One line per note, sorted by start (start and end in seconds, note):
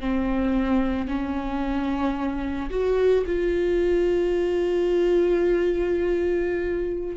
0.00 1.07 C4
1.07 2.70 C#4
2.70 3.24 F#4
3.26 7.16 F4